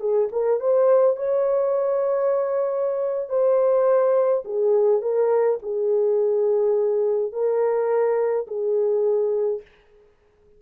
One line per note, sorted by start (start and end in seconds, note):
0.00 0.29 G#4
0.32 0.60 A#4
0.60 1.16 C5
1.16 3.29 C#5
3.29 4.44 C5
4.45 5.02 G#4
5.02 5.59 A#4
5.62 7.32 G#4
7.32 8.46 A#4
8.47 9.62 G#4